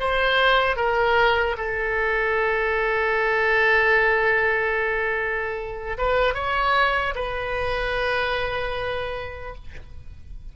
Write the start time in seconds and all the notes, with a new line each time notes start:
0.00 C5
0.76 A#4
1.58 A4
5.98 B4
6.35 C#5
7.15 B4